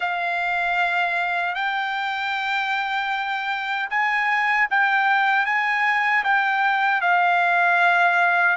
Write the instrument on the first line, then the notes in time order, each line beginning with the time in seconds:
trumpet
0.00 F5
1.54 G5
3.90 G#5
4.70 G5
5.45 G#5
6.24 G5
7.01 F5